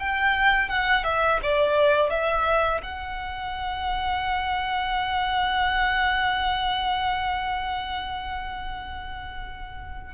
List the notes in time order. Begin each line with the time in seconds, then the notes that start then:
0.00 G5
0.69 F#5
1.04 E5
1.43 D5
2.10 E5
2.83 F#5